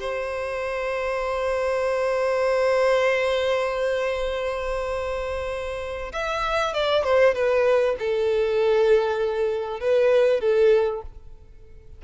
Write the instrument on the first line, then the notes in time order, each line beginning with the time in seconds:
violin
0.00 C5
6.13 E5
6.74 D5
7.04 C5
7.35 B4
8.00 A4
9.80 B4
10.41 A4